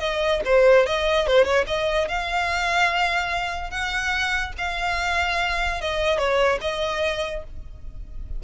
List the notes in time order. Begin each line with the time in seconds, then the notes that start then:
0.00 D#5
0.45 C5
0.86 D#5
1.27 C5
1.45 C#5
1.67 D#5
2.08 F5
3.71 F#5
4.58 F5
5.81 D#5
6.18 C#5
6.61 D#5